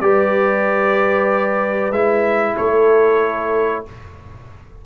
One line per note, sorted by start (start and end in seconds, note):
0.00 1.91 G3
0.00 1.93 G4
0.00 2.55 B4
0.00 1.92 D5
1.91 2.55 G#3
1.91 3.85 E4
1.91 2.56 E5
2.55 3.86 A3
2.55 3.82 A4
2.55 3.84 C#5